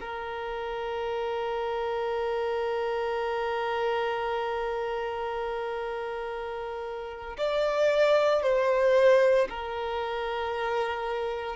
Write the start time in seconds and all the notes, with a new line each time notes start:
0.00 A#4
7.38 D5
8.43 C5
9.49 A#4